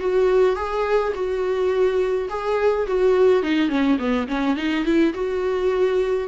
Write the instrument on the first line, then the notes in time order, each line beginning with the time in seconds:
viola
0.00 F#4
0.56 G#4
1.15 F#4
2.30 G#4
2.87 F#4
3.43 D#4
3.69 C#4
3.99 B3
4.28 C#4
4.56 D#4
4.85 E4
5.14 F#4